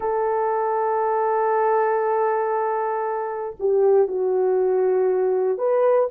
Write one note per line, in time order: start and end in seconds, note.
0.00 3.55 A4
3.59 4.07 G4
4.07 5.57 F#4
5.57 6.08 B4